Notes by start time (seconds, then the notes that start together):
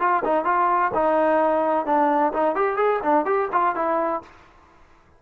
0.00 F4
0.25 D#4
0.45 F4
0.95 D#4
1.86 D4
2.33 D#4
2.56 G4
2.77 G#4
3.03 D4
3.26 G4
3.52 F4
3.76 E4